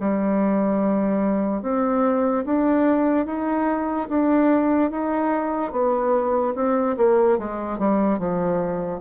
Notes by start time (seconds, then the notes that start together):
0.00 G3
1.63 C4
2.45 D4
3.26 D#4
4.09 D4
4.91 D#4
5.72 B3
6.55 C4
6.97 A#3
7.38 G#3
7.79 G3
8.19 F3